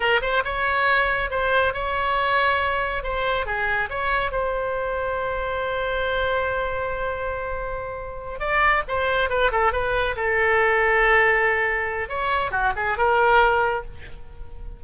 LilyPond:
\new Staff \with { instrumentName = "oboe" } { \time 4/4 \tempo 4 = 139 ais'8 c''8 cis''2 c''4 | cis''2. c''4 | gis'4 cis''4 c''2~ | c''1~ |
c''2.~ c''8 d''8~ | d''8 c''4 b'8 a'8 b'4 a'8~ | a'1 | cis''4 fis'8 gis'8 ais'2 | }